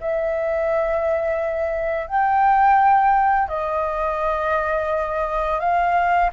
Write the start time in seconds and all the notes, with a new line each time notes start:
0.00 E5
2.07 G5
3.48 D#5
5.60 F5